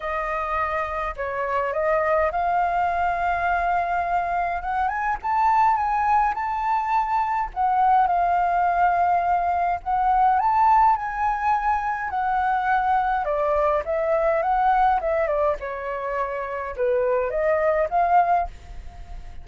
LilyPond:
\new Staff \with { instrumentName = "flute" } { \time 4/4 \tempo 4 = 104 dis''2 cis''4 dis''4 | f''1 | fis''8 gis''8 a''4 gis''4 a''4~ | a''4 fis''4 f''2~ |
f''4 fis''4 a''4 gis''4~ | gis''4 fis''2 d''4 | e''4 fis''4 e''8 d''8 cis''4~ | cis''4 b'4 dis''4 f''4 | }